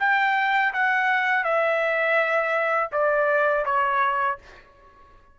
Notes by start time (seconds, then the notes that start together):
0.00 G5
0.74 F#5
1.45 E5
2.92 D5
3.66 C#5